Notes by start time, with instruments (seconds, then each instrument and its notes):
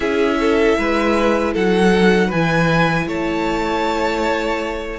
0.00 cello C#4, viola E4, violin G#4 E5
0.40 violin A4
0.77 cello G#3, violin B4
1.53 cello F#3, violin A4 F#5
1.93 viola D#4
2.27 cello E3, violin B4 G#5
2.34 viola E4
3.07 cello A3, violin C#5 A5